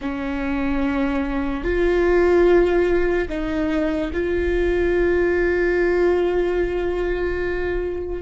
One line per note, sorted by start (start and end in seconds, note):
0.01 1.64 C#4
1.64 3.28 F4
3.29 4.11 D#4
4.13 8.22 F4